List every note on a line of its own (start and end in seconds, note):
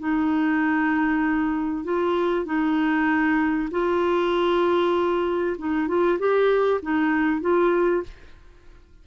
0.00 1.85 D#4
1.85 2.46 F4
2.46 3.69 D#4
3.71 5.57 F4
5.59 5.88 D#4
5.88 6.19 F4
6.19 6.81 G4
6.83 7.41 D#4
7.41 8.03 F4